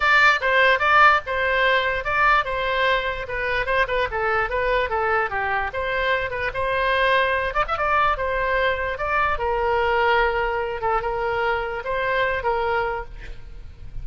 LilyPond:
\new Staff \with { instrumentName = "oboe" } { \time 4/4 \tempo 4 = 147 d''4 c''4 d''4 c''4~ | c''4 d''4 c''2 | b'4 c''8 b'8 a'4 b'4 | a'4 g'4 c''4. b'8 |
c''2~ c''8 d''16 e''16 d''4 | c''2 d''4 ais'4~ | ais'2~ ais'8 a'8 ais'4~ | ais'4 c''4. ais'4. | }